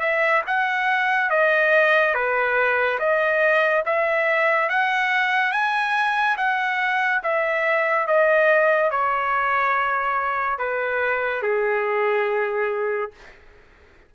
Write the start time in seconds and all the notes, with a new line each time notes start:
0.00 E5
0.47 F#5
1.30 D#5
2.14 B4
3.00 D#5
3.86 E5
4.69 F#5
5.52 G#5
6.38 F#5
7.23 E5
8.08 D#5
8.91 C#5
10.59 B4
11.43 G#4